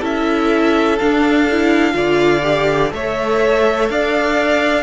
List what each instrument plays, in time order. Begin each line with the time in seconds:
0.00 cello C#4, viola E4, violin A4 E5
0.99 viola D4, cello D4, violin F5
1.51 viola E4
1.93 cello D3, viola F4, violin D5
2.43 viola G4
2.91 cello A3, viola A4, violin C#5 E5
3.89 cello D4, violin D5 F5